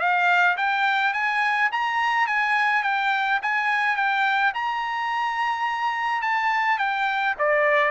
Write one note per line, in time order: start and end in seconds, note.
0.00 0.57 F5
0.57 1.13 G5
1.13 1.70 G#5
1.72 2.27 A#5
2.27 2.83 G#5
2.83 3.40 G5
3.42 3.96 G#5
3.96 4.53 G5
4.54 6.22 A#5
6.22 6.78 A5
6.78 7.35 G5
7.39 7.91 D5